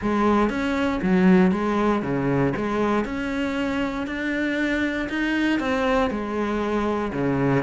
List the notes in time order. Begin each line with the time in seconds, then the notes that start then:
0.01 G#3
0.49 C#4
1.02 F#3
1.51 G#3
2.02 C#3
2.56 G#3
3.05 C#4
4.06 D4
5.09 D#4
5.59 C4
6.10 G#3
7.12 C#3